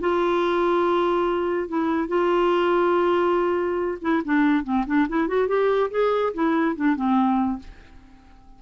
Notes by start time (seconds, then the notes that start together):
0.00 F4
1.68 E4
2.08 F4
4.01 E4
4.24 D4
4.64 C4
4.86 D4
5.08 E4
5.28 F#4
5.48 G4
5.90 G#4
6.34 E4
6.75 D4
6.96 C4